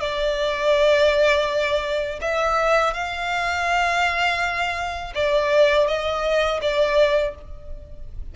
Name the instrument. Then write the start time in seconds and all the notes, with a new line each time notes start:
violin
0.00 D5
2.21 E5
2.93 F5
5.15 D5
5.87 D#5
6.61 D5